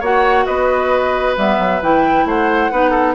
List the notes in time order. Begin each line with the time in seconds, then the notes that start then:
0.00 A#3 F#4 C#5 F#5
0.46 B3 B4 D#5
1.37 G3 B3 E5
1.58 F#3
1.82 E3 E4 G5
2.25 A3 C5 F#5
2.72 B3 D#4 B4
2.91 A4